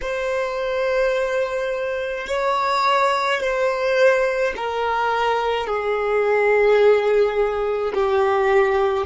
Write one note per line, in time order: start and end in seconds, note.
0.01 2.26 C5
2.26 3.40 C#5
3.40 4.53 C5
4.56 5.67 A#4
5.67 7.93 G#4
7.93 9.06 G4